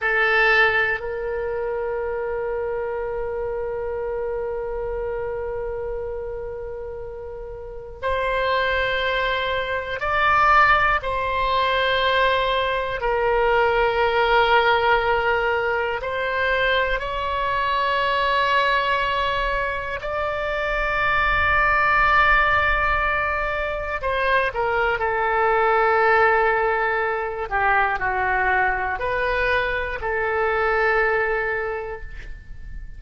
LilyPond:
\new Staff \with { instrumentName = "oboe" } { \time 4/4 \tempo 4 = 60 a'4 ais'2.~ | ais'1 | c''2 d''4 c''4~ | c''4 ais'2. |
c''4 cis''2. | d''1 | c''8 ais'8 a'2~ a'8 g'8 | fis'4 b'4 a'2 | }